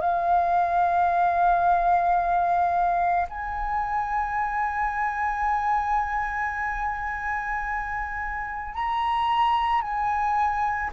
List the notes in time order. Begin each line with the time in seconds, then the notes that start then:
0.00 F5
3.29 G#5
8.74 A#5
9.81 G#5